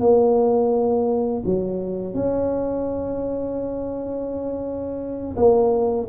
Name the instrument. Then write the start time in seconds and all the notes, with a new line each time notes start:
tuba
0.00 A#3
1.45 F#3
2.14 C#4
5.37 A#3